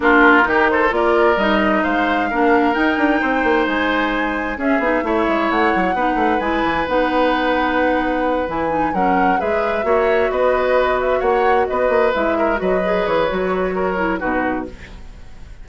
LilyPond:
<<
  \new Staff \with { instrumentName = "flute" } { \time 4/4 \tempo 4 = 131 ais'4. c''8 d''4 dis''4 | f''2 g''2 | gis''2 e''2 | fis''2 gis''4 fis''4~ |
fis''2~ fis''8 gis''4 fis''8~ | fis''8 e''2 dis''4. | e''8 fis''4 dis''4 e''4 dis''8~ | dis''8 cis''2~ cis''8 b'4 | }
  \new Staff \with { instrumentName = "oboe" } { \time 4/4 f'4 g'8 a'8 ais'2 | c''4 ais'2 c''4~ | c''2 gis'4 cis''4~ | cis''4 b'2.~ |
b'2.~ b'8 ais'8~ | ais'8 b'4 cis''4 b'4.~ | b'8 cis''4 b'4. ais'8 b'8~ | b'2 ais'4 fis'4 | }
  \new Staff \with { instrumentName = "clarinet" } { \time 4/4 d'4 dis'4 f'4 dis'4~ | dis'4 d'4 dis'2~ | dis'2 cis'8 dis'8 e'4~ | e'4 dis'4 e'4 dis'4~ |
dis'2~ dis'8 e'8 dis'8 cis'8~ | cis'8 gis'4 fis'2~ fis'8~ | fis'2~ fis'8 e'4 fis'8 | gis'4 fis'4. e'8 dis'4 | }
  \new Staff \with { instrumentName = "bassoon" } { \time 4/4 ais4 dis4 ais4 g4 | gis4 ais4 dis'8 d'8 c'8 ais8 | gis2 cis'8 b8 a8 gis8 | a8 fis8 b8 a8 gis8 e8 b4~ |
b2~ b8 e4 fis8~ | fis8 gis4 ais4 b4.~ | b8 ais4 b8 ais8 gis4 fis8~ | fis8 e8 fis2 b,4 | }
>>